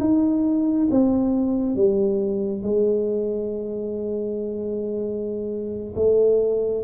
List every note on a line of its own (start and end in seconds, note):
0.00 0.88 D#4
0.91 1.76 C4
1.76 2.63 G3
2.63 5.94 G#3
5.96 6.84 A3